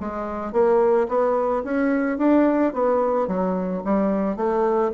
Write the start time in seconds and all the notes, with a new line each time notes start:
0.00 G#3
0.53 A#3
1.09 B3
1.64 C#4
2.18 D4
2.73 B3
3.28 F#3
3.85 G3
4.37 A3